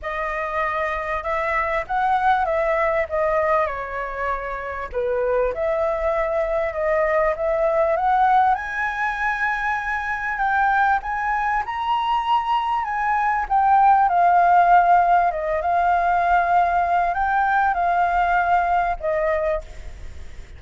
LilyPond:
\new Staff \with { instrumentName = "flute" } { \time 4/4 \tempo 4 = 98 dis''2 e''4 fis''4 | e''4 dis''4 cis''2 | b'4 e''2 dis''4 | e''4 fis''4 gis''2~ |
gis''4 g''4 gis''4 ais''4~ | ais''4 gis''4 g''4 f''4~ | f''4 dis''8 f''2~ f''8 | g''4 f''2 dis''4 | }